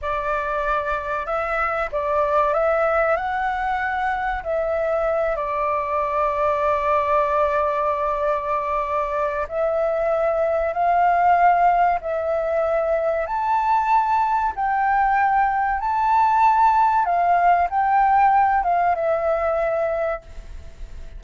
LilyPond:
\new Staff \with { instrumentName = "flute" } { \time 4/4 \tempo 4 = 95 d''2 e''4 d''4 | e''4 fis''2 e''4~ | e''8 d''2.~ d''8~ | d''2. e''4~ |
e''4 f''2 e''4~ | e''4 a''2 g''4~ | g''4 a''2 f''4 | g''4. f''8 e''2 | }